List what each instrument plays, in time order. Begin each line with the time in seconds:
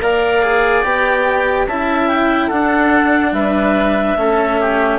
0.00 bassoon A#3, cello A#4, oboe D5, clarinet F5
0.43 cello G#4
0.82 bassoon B3, cello G4, clarinet G5
1.67 bassoon C#4, cello E4, oboe E5, clarinet A5
2.08 clarinet G5
2.47 cello D4, bassoon D4, oboe A4, clarinet F#5
3.32 bassoon G3, oboe B4, clarinet E5
4.17 bassoon A3, cello C#4, oboe A4
4.60 oboe G4